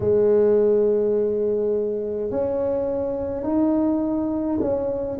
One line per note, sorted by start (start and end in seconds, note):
0.00 2.30 G#3
2.30 3.43 C#4
3.43 4.58 D#4
4.60 5.18 C#4